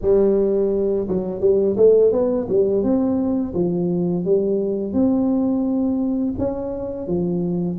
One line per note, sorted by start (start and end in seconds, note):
0.01 1.07 G3
1.08 1.40 F#3
1.40 1.76 G3
1.76 2.11 A3
2.11 2.47 B3
2.49 2.83 G3
2.83 3.53 C4
3.54 4.24 F3
4.24 4.93 G3
4.93 6.34 C4
6.38 7.07 C#4
7.07 7.77 F3